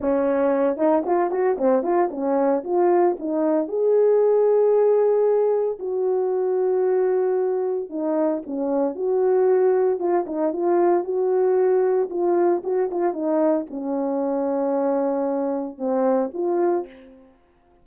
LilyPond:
\new Staff \with { instrumentName = "horn" } { \time 4/4 \tempo 4 = 114 cis'4. dis'8 f'8 fis'8 c'8 f'8 | cis'4 f'4 dis'4 gis'4~ | gis'2. fis'4~ | fis'2. dis'4 |
cis'4 fis'2 f'8 dis'8 | f'4 fis'2 f'4 | fis'8 f'8 dis'4 cis'2~ | cis'2 c'4 f'4 | }